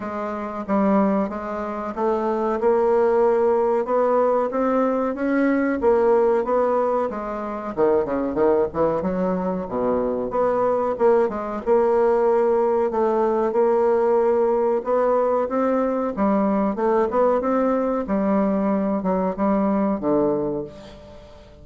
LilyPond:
\new Staff \with { instrumentName = "bassoon" } { \time 4/4 \tempo 4 = 93 gis4 g4 gis4 a4 | ais2 b4 c'4 | cis'4 ais4 b4 gis4 | dis8 cis8 dis8 e8 fis4 b,4 |
b4 ais8 gis8 ais2 | a4 ais2 b4 | c'4 g4 a8 b8 c'4 | g4. fis8 g4 d4 | }